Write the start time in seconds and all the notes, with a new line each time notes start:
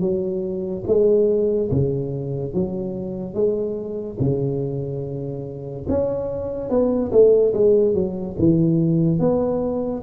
0.00 F#3
0.87 G#3
1.70 C#3
2.53 F#3
3.34 G#3
4.20 C#3
5.88 C#4
6.70 B3
7.11 A3
7.53 G#3
7.94 F#3
8.39 E3
9.19 B3